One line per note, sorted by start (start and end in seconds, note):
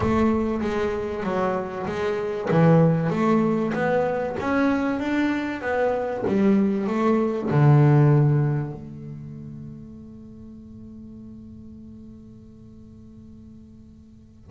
0.00 0.61 A3
0.61 1.23 G#3
1.23 1.86 F#3
1.86 2.48 G#3
2.50 3.10 E3
3.10 3.72 A3
3.73 4.36 B3
4.39 4.99 C#4
4.99 5.61 D4
5.61 6.23 B3
6.27 6.87 G3
6.87 7.49 A3
7.50 8.72 D3
8.72 14.50 A3